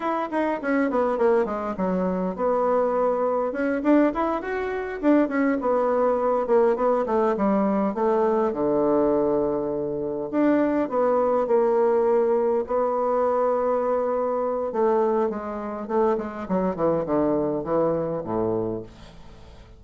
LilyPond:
\new Staff \with { instrumentName = "bassoon" } { \time 4/4 \tempo 4 = 102 e'8 dis'8 cis'8 b8 ais8 gis8 fis4 | b2 cis'8 d'8 e'8 fis'8~ | fis'8 d'8 cis'8 b4. ais8 b8 | a8 g4 a4 d4.~ |
d4. d'4 b4 ais8~ | ais4. b2~ b8~ | b4 a4 gis4 a8 gis8 | fis8 e8 d4 e4 a,4 | }